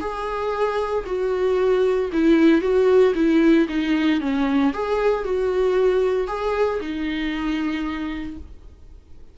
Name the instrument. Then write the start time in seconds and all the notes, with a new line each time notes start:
viola
0.00 G#4
1.06 F#4
2.12 E4
2.61 F#4
3.15 E4
3.69 D#4
4.20 C#4
4.73 G#4
5.24 F#4
6.27 G#4
6.80 D#4